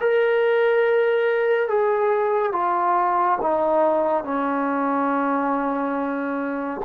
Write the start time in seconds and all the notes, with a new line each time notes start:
0.00 A#4
1.68 G#4
2.52 F4
3.41 D#4
4.24 C#4